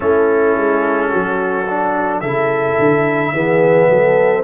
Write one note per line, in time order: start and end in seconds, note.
0.00 0.56 A3
0.00 1.66 C#4
0.00 1.08 E4
0.00 2.20 A4
0.56 1.12 G#3
1.08 2.22 F#3
1.08 2.19 F#4
1.67 2.23 D4
2.20 2.77 C#3
2.20 3.33 E4
2.20 3.33 A4
2.20 4.42 E5
2.78 3.32 D3
3.32 3.87 E3
3.32 4.43 B3
3.32 3.89 G#4
3.89 4.43 F#3
3.89 4.43 A4